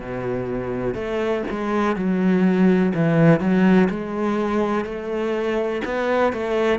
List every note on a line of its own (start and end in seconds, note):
0.00 0.94 B2
0.94 1.43 A3
1.50 1.96 G#3
1.96 2.93 F#3
2.94 3.40 E3
3.40 3.88 F#3
3.89 4.84 G#3
4.84 5.81 A3
5.84 6.32 B3
6.32 6.79 A3